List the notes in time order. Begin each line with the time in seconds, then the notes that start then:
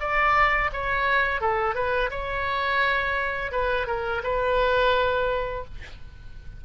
0.00 D5
0.73 C#5
1.41 A4
1.75 B4
2.10 C#5
3.51 B4
3.87 A#4
4.23 B4